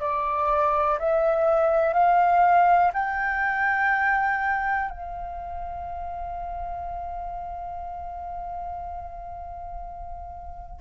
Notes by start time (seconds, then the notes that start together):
0.00 D5
0.99 E5
1.94 F5
2.94 G5
4.90 F5